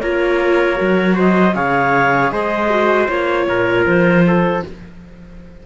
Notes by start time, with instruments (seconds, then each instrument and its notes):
0.00 cello A#3, viola F4, trumpet A#4, clarinet C#5
0.75 cello F#3, viola F#4
1.15 trumpet C5, clarinet D#5
1.54 cello C#3, viola G#4, trumpet C#5, clarinet F5
2.31 cello G#3, trumpet C5, clarinet D#5
2.70 viola F#4
3.08 cello A#3, viola F4, clarinet C#5
3.48 cello A#2, trumpet A#4
3.85 cello F3, clarinet C5
4.27 trumpet A4